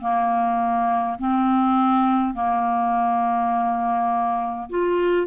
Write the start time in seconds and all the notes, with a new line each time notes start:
0.00 A#3
1.18 C4
2.34 A#3
4.70 F4